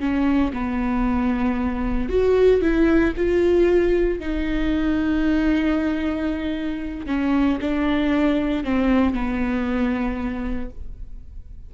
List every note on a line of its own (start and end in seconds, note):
0.00 0.52 C#4
0.53 2.09 B3
2.09 2.62 F#4
2.62 3.14 E4
3.17 4.20 F4
4.20 7.07 D#4
7.07 7.59 C#4
7.61 8.64 D4
8.64 9.14 C4
9.14 10.70 B3